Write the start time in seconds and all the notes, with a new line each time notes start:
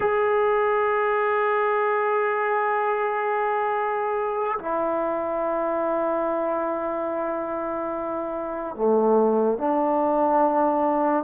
0.00 G#4
4.58 E4
8.75 A3
9.58 D4